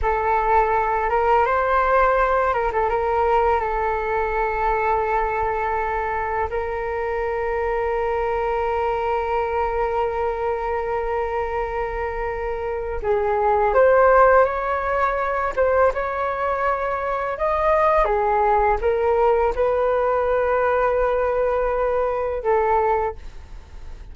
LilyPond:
\new Staff \with { instrumentName = "flute" } { \time 4/4 \tempo 4 = 83 a'4. ais'8 c''4. ais'16 a'16 | ais'4 a'2.~ | a'4 ais'2.~ | ais'1~ |
ais'2 gis'4 c''4 | cis''4. c''8 cis''2 | dis''4 gis'4 ais'4 b'4~ | b'2. a'4 | }